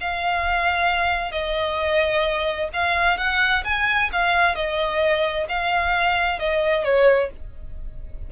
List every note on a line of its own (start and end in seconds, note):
0.00 1.31 F5
1.31 2.69 D#5
2.73 3.17 F5
3.17 3.63 F#5
3.64 4.10 G#5
4.12 4.55 F5
4.55 5.46 D#5
5.48 6.39 F5
6.39 6.84 D#5
6.84 7.30 C#5